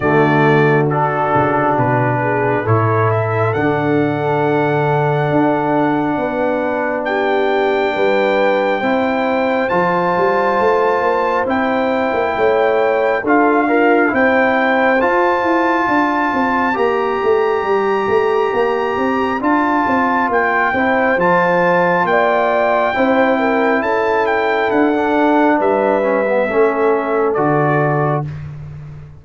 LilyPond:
<<
  \new Staff \with { instrumentName = "trumpet" } { \time 4/4 \tempo 4 = 68 d''4 a'4 b'4 cis''8 e''8 | fis''1 | g''2. a''4~ | a''4 g''2 f''4 |
g''4 a''2 ais''4~ | ais''2 a''4 g''4 | a''4 g''2 a''8 g''8 | fis''4 e''2 d''4 | }
  \new Staff \with { instrumentName = "horn" } { \time 4/4 fis'2~ fis'8 gis'8 a'4~ | a'2. b'4 | g'4 b'4 c''2~ | c''2 cis''4 a'8 f'8 |
c''2 d''2~ | d''2.~ d''8 c''8~ | c''4 d''4 c''8 ais'8 a'4~ | a'4 b'4 a'2 | }
  \new Staff \with { instrumentName = "trombone" } { \time 4/4 a4 d'2 e'4 | d'1~ | d'2 e'4 f'4~ | f'4 e'2 f'8 ais'8 |
e'4 f'2 g'4~ | g'2 f'4. e'8 | f'2 e'2~ | e'16 d'4~ d'16 cis'16 b16 cis'4 fis'4 | }
  \new Staff \with { instrumentName = "tuba" } { \time 4/4 d4. cis8 b,4 a,4 | d2 d'4 b4~ | b4 g4 c'4 f8 g8 | a8 ais8 c'8. ais16 a4 d'4 |
c'4 f'8 e'8 d'8 c'8 ais8 a8 | g8 a8 ais8 c'8 d'8 c'8 ais8 c'8 | f4 ais4 c'4 cis'4 | d'4 g4 a4 d4 | }
>>